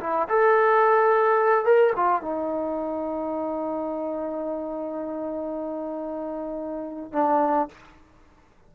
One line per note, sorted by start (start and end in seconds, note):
0.00 0.28 E4
0.29 1.65 A4
1.65 1.93 A#4
1.96 2.22 F4
2.22 7.12 D#4
7.12 7.68 D4